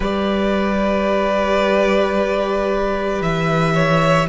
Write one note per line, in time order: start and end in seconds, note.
0.00 3.21 G3
0.00 4.28 G4
0.00 3.73 B4
0.00 3.21 D5
3.21 4.28 E3
3.21 4.28 E5
3.74 4.28 C#5